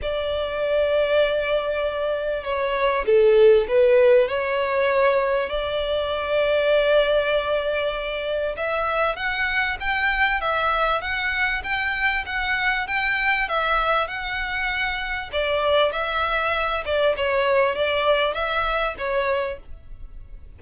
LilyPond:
\new Staff \with { instrumentName = "violin" } { \time 4/4 \tempo 4 = 98 d''1 | cis''4 a'4 b'4 cis''4~ | cis''4 d''2.~ | d''2 e''4 fis''4 |
g''4 e''4 fis''4 g''4 | fis''4 g''4 e''4 fis''4~ | fis''4 d''4 e''4. d''8 | cis''4 d''4 e''4 cis''4 | }